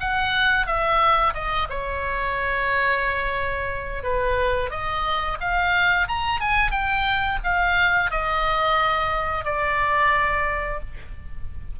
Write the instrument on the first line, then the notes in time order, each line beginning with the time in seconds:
oboe
0.00 F#5
0.66 E5
1.34 D#5
1.69 C#5
4.03 B4
4.70 D#5
5.40 F5
6.08 A#5
6.40 G#5
6.71 G5
7.43 F5
8.11 D#5
9.45 D5